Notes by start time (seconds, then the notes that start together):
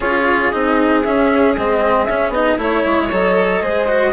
0.00 C#4 F4 G#4 C#5
0.50 C4 D#4 D#5
1.03 C#4 E5
1.56 G#3 C4 D#5
2.05 C#4 E5
2.29 B3 D#4 D#5
2.57 A3 E4 C#5
2.85 G#3
3.11 F#3 A4 D#5
3.62 G#3 G#4 C5
3.87 F#4